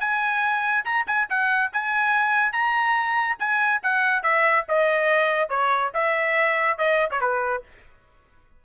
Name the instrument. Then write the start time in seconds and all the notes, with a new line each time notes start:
trumpet
0.00 G#5
0.85 A#5
1.07 G#5
1.30 F#5
1.73 G#5
2.52 A#5
3.39 G#5
3.83 F#5
4.23 E5
4.69 D#5
5.49 C#5
5.94 E5
6.78 D#5
7.11 C#5
7.21 B4